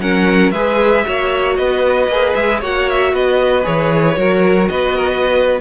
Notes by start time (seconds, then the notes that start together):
0.00 F#3 C#4 A#4 F#5
0.51 G#3 G#4 B4 E5
1.05 A#3 F#4 C#5
1.57 B3 B4 D#5
2.08 A#3 G#4
2.34 G#3 E5
2.60 A#3 F#4 C#5 F#5
2.90 E5
3.13 B3 B4 D#5
3.63 E3 G#4 C#5
4.17 F#3 F#4 A#4
4.68 B3 B4 D#5
4.97 A#4
5.10 B4